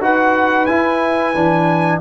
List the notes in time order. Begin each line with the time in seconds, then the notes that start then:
0.00 D#4 F#4 B4 F#5
0.66 E4 G#5
1.35 E3 D4